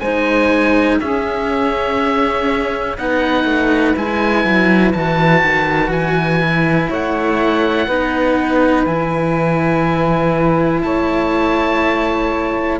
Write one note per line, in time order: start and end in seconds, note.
0.00 0.99 G#3
0.00 1.00 D#4
0.00 0.99 C5
0.00 0.98 G#5
0.99 2.97 C#4
0.99 2.98 C#4
0.99 2.96 G#4
0.99 2.97 E5
2.96 3.44 B3
2.96 3.95 D#4
2.96 6.88 B4
2.96 3.96 F#5
3.44 3.93 A3
3.95 4.44 G#3
3.95 4.93 E4
3.95 4.92 G#5
4.44 4.93 F#3
4.92 5.43 E3
4.92 6.40 F#4
4.92 5.91 A5
5.43 5.90 D#3
5.90 6.88 E3
5.90 6.90 G#5
6.40 7.87 E4
6.88 7.87 A3
6.88 7.86 C#5
6.88 8.86 F#5
7.86 8.85 B3
7.86 8.87 D#4
7.86 10.81 B4
8.85 10.82 E3
8.85 12.80 E4
8.85 10.82 G#5
10.82 12.80 A3
10.82 12.80 C#5
10.82 12.79 A5